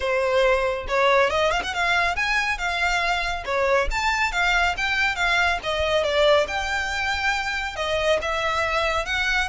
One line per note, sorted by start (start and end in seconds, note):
0.00 0.87 C5
0.88 1.29 C#5
1.29 1.51 D#5
1.51 1.62 F5
1.63 1.73 F#5
1.73 2.16 F5
2.16 2.57 G#5
2.57 3.44 F5
3.45 3.88 C#5
3.90 4.32 A5
4.32 4.75 F5
4.77 5.15 G5
5.15 5.58 F5
5.63 6.03 D#5
6.03 6.46 D5
6.47 7.76 G5
7.76 8.19 D#5
8.21 9.05 E5
9.05 9.48 F#5